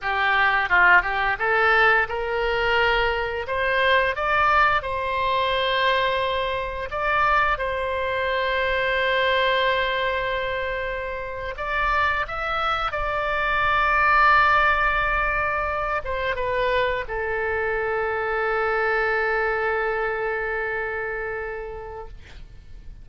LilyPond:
\new Staff \with { instrumentName = "oboe" } { \time 4/4 \tempo 4 = 87 g'4 f'8 g'8 a'4 ais'4~ | ais'4 c''4 d''4 c''4~ | c''2 d''4 c''4~ | c''1~ |
c''8. d''4 e''4 d''4~ d''16~ | d''2.~ d''16 c''8 b'16~ | b'8. a'2.~ a'16~ | a'1 | }